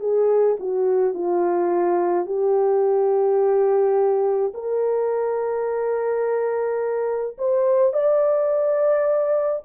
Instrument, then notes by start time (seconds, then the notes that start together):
horn
0.00 G#4
0.60 F#4
1.14 F4
2.26 G4
4.54 A#4
7.38 C5
7.93 D5